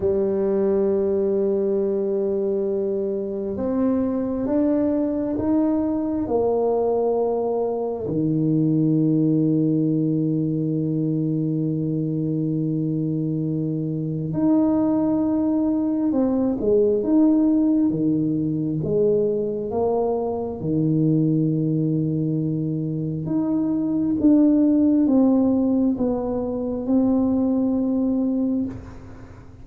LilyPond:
\new Staff \with { instrumentName = "tuba" } { \time 4/4 \tempo 4 = 67 g1 | c'4 d'4 dis'4 ais4~ | ais4 dis2.~ | dis1 |
dis'2 c'8 gis8 dis'4 | dis4 gis4 ais4 dis4~ | dis2 dis'4 d'4 | c'4 b4 c'2 | }